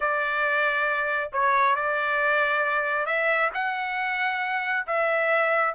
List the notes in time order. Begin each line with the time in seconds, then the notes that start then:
0.00 D5
1.32 C#5
1.75 D5
3.05 E5
3.54 F#5
4.86 E5